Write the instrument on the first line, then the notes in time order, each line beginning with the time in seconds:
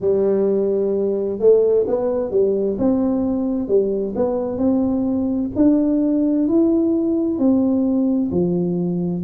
tuba
0.00 G3
1.38 A3
1.87 B3
2.31 G3
2.78 C4
3.68 G3
4.15 B3
4.58 C4
5.55 D4
6.48 E4
7.38 C4
8.31 F3